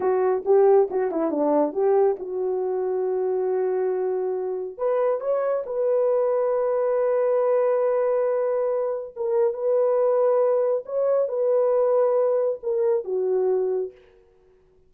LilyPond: \new Staff \with { instrumentName = "horn" } { \time 4/4 \tempo 4 = 138 fis'4 g'4 fis'8 e'8 d'4 | g'4 fis'2.~ | fis'2. b'4 | cis''4 b'2.~ |
b'1~ | b'4 ais'4 b'2~ | b'4 cis''4 b'2~ | b'4 ais'4 fis'2 | }